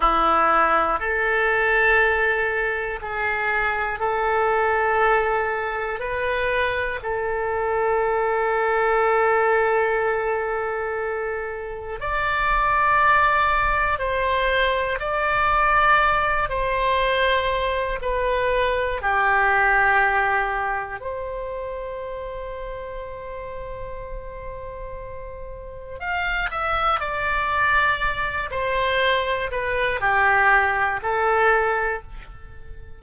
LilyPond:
\new Staff \with { instrumentName = "oboe" } { \time 4/4 \tempo 4 = 60 e'4 a'2 gis'4 | a'2 b'4 a'4~ | a'1 | d''2 c''4 d''4~ |
d''8 c''4. b'4 g'4~ | g'4 c''2.~ | c''2 f''8 e''8 d''4~ | d''8 c''4 b'8 g'4 a'4 | }